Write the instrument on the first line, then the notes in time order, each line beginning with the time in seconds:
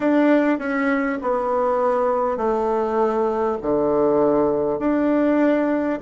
bassoon
0.00 D4
0.58 C#4
1.21 B3
2.37 A3
3.62 D3
4.79 D4